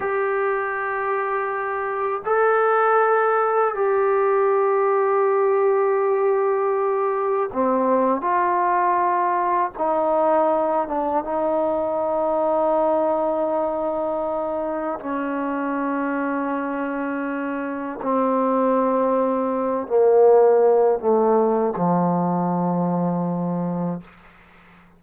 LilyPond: \new Staff \with { instrumentName = "trombone" } { \time 4/4 \tempo 4 = 80 g'2. a'4~ | a'4 g'2.~ | g'2 c'4 f'4~ | f'4 dis'4. d'8 dis'4~ |
dis'1 | cis'1 | c'2~ c'8 ais4. | a4 f2. | }